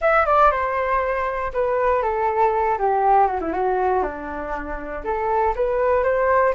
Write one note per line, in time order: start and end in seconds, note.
0.01 0.25 E5
0.25 0.51 D5
0.51 1.52 C5
1.53 2.02 B4
2.02 2.78 A4
2.78 3.27 G4
3.27 3.39 F#4
3.40 3.52 E4
3.52 4.02 F#4
4.02 5.03 D4
5.04 5.54 A4
5.55 6.03 B4
6.03 6.53 C5